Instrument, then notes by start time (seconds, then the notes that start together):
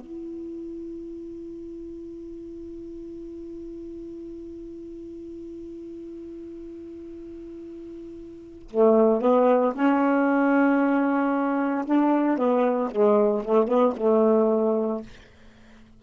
saxophone
0.00 E4
8.70 A3
9.21 B3
9.74 C#4
11.85 D4
12.37 B3
12.91 G#3
13.44 A3
13.67 B3
13.96 A3